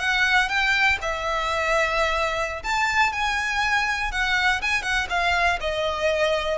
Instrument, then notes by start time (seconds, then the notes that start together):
violin
0.00 F#5
0.49 G5
1.02 E5
2.63 A5
3.12 G#5
4.12 F#5
4.62 G#5
4.83 F#5
5.10 F5
5.61 D#5